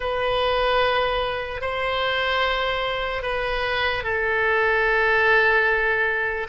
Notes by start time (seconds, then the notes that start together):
0.00 B4
1.61 C5
3.22 B4
4.03 A4